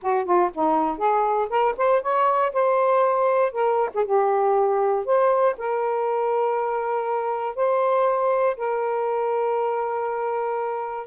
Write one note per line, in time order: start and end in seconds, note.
0.01 0.25 F#4
0.25 0.50 F4
0.54 0.98 D#4
0.98 1.48 G#4
1.49 1.75 A#4
1.77 2.01 C5
2.01 2.52 C#5
2.52 3.52 C5
3.52 3.89 A#4
3.94 4.05 G#4
4.05 5.05 G4
5.05 5.55 C5
5.57 7.55 A#4
7.55 8.56 C5
8.56 11.06 A#4